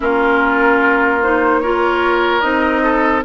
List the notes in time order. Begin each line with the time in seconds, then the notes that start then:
0.00 A#3 C#4 F4 A#4
1.22 D#4 C5
1.60 F4 A#4 C#5
2.41 C4 D#4 D#5
2.83 A4